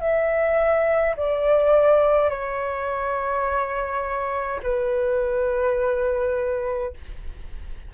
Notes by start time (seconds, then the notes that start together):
0.00 E5
1.16 D5
2.30 C#5
4.63 B4